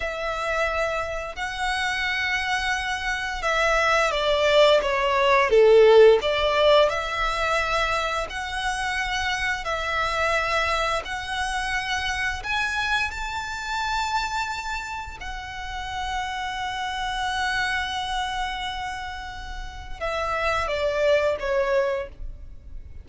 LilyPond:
\new Staff \with { instrumentName = "violin" } { \time 4/4 \tempo 4 = 87 e''2 fis''2~ | fis''4 e''4 d''4 cis''4 | a'4 d''4 e''2 | fis''2 e''2 |
fis''2 gis''4 a''4~ | a''2 fis''2~ | fis''1~ | fis''4 e''4 d''4 cis''4 | }